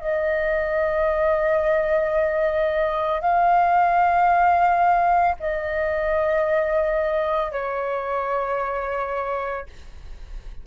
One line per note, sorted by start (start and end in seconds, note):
0.00 3.21 D#5
3.21 5.35 F5
5.40 7.51 D#5
7.51 9.66 C#5